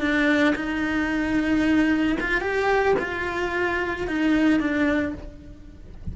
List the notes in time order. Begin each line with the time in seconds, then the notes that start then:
0.00 D4
0.55 D#4
2.20 F4
2.41 G4
2.99 F4
4.07 D#4
4.60 D4